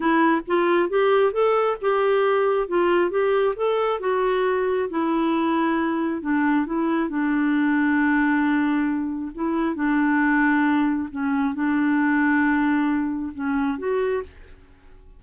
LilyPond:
\new Staff \with { instrumentName = "clarinet" } { \time 4/4 \tempo 4 = 135 e'4 f'4 g'4 a'4 | g'2 f'4 g'4 | a'4 fis'2 e'4~ | e'2 d'4 e'4 |
d'1~ | d'4 e'4 d'2~ | d'4 cis'4 d'2~ | d'2 cis'4 fis'4 | }